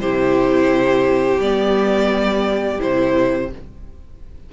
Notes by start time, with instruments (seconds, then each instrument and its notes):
0.00 cello C3, viola E4, violin G4 C5
1.39 cello G3, viola B3, violin D5
2.79 cello C3, viola E4, violin C5